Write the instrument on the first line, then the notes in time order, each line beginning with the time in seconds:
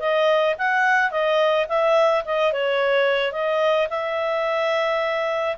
clarinet
0.00 D#5
0.59 F#5
1.11 D#5
1.69 E5
2.26 D#5
2.53 C#5
3.33 D#5
3.90 E5